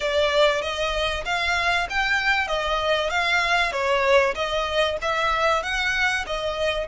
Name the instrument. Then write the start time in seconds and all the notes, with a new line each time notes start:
violin
0.00 D5
0.61 D#5
1.25 F5
1.89 G5
2.47 D#5
3.09 F5
3.72 C#5
4.34 D#5
5.01 E5
5.62 F#5
6.26 D#5